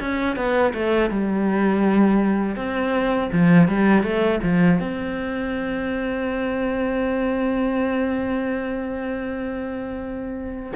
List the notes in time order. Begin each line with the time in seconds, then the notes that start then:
0.00 C#4
0.36 B3
0.74 A3
1.10 G3
2.56 C4
3.32 F3
3.68 G3
4.03 A3
4.43 F3
4.80 C4